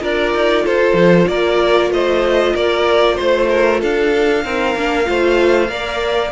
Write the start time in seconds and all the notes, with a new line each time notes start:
0.00 D4 F4 A#4 D5
0.34 D#4
0.64 F4 A4 C5
0.93 F3
1.27 A#3 A#4 D5
1.90 A3 C5 D#5
2.53 A#3 A#4 D5
3.15 A3 C5
3.49 A#4
3.80 D4 A4 F5
4.44 C4 D#4 A#4
4.75 A#3 D4
5.04 A3 F4 C5
5.68 A#3 A#4 D5